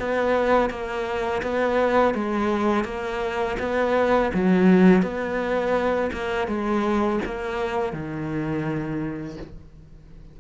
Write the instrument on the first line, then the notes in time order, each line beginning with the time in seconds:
cello
0.00 B3
0.70 A#3
1.43 B3
2.15 G#3
2.85 A#3
3.59 B3
4.35 F#3
5.03 B3
6.13 A#3
6.48 G#3
7.26 A#3
7.93 D#3